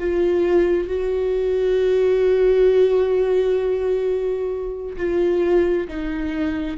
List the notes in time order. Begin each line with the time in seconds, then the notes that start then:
0.00 F4
0.88 F#4
4.97 F4
5.88 D#4